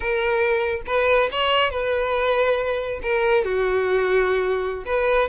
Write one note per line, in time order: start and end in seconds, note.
0.00 0.82 A#4
0.86 1.29 B4
1.31 1.70 C#5
1.70 3.00 B4
3.02 3.44 A#4
3.44 4.84 F#4
4.85 5.29 B4